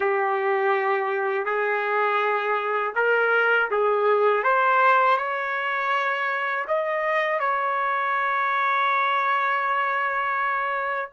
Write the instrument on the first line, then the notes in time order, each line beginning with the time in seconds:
trumpet
0.00 G4
1.45 G#4
2.95 A#4
3.70 G#4
4.43 C5
5.17 C#5
6.67 D#5
7.39 C#5